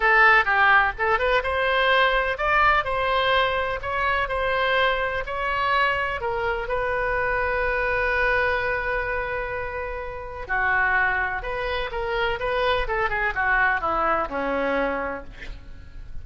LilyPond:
\new Staff \with { instrumentName = "oboe" } { \time 4/4 \tempo 4 = 126 a'4 g'4 a'8 b'8 c''4~ | c''4 d''4 c''2 | cis''4 c''2 cis''4~ | cis''4 ais'4 b'2~ |
b'1~ | b'2 fis'2 | b'4 ais'4 b'4 a'8 gis'8 | fis'4 e'4 cis'2 | }